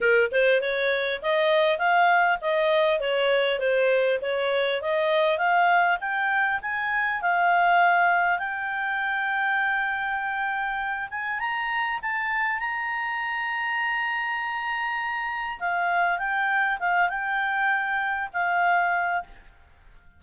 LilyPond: \new Staff \with { instrumentName = "clarinet" } { \time 4/4 \tempo 4 = 100 ais'8 c''8 cis''4 dis''4 f''4 | dis''4 cis''4 c''4 cis''4 | dis''4 f''4 g''4 gis''4 | f''2 g''2~ |
g''2~ g''8 gis''8 ais''4 | a''4 ais''2.~ | ais''2 f''4 g''4 | f''8 g''2 f''4. | }